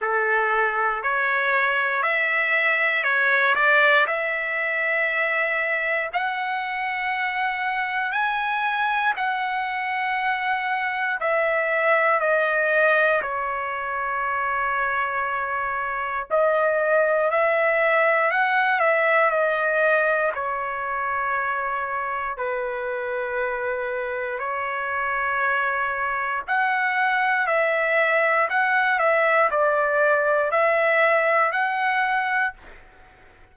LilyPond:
\new Staff \with { instrumentName = "trumpet" } { \time 4/4 \tempo 4 = 59 a'4 cis''4 e''4 cis''8 d''8 | e''2 fis''2 | gis''4 fis''2 e''4 | dis''4 cis''2. |
dis''4 e''4 fis''8 e''8 dis''4 | cis''2 b'2 | cis''2 fis''4 e''4 | fis''8 e''8 d''4 e''4 fis''4 | }